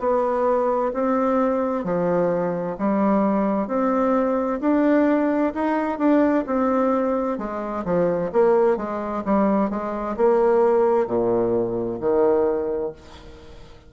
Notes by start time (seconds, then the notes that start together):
0.00 B3
0.94 C4
1.85 F3
2.79 G3
3.68 C4
4.61 D4
5.55 D#4
5.99 D4
6.47 C4
7.38 G#3
7.85 F3
8.33 A#3
8.77 G#3
9.25 G3
9.70 G#3
10.17 A#3
11.07 A#2
12.00 D#3